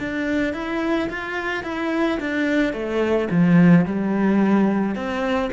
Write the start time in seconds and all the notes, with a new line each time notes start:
0.00 D4
0.54 E4
1.10 F4
1.64 E4
2.20 D4
2.73 A3
3.31 F3
3.86 G3
4.96 C4